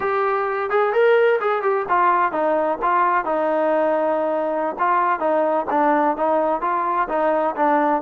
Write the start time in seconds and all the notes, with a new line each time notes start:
0.00 G4
0.70 G#4
0.93 A#4
1.40 G#4
1.62 G4
1.89 F4
2.32 D#4
2.82 F4
3.25 D#4
4.79 F4
5.19 D#4
5.70 D4
6.16 D#4
6.61 F4
7.08 D#4
7.56 D4